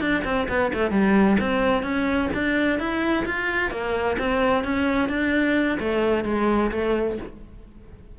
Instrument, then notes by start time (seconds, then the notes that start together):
cello
0.00 D4
0.24 C4
0.48 B3
0.73 A3
0.91 G3
1.40 C4
1.83 C#4
2.34 D4
2.79 E4
3.25 F4
3.70 A#3
4.18 C4
4.64 C#4
5.08 D4
5.79 A3
6.24 G#3
6.71 A3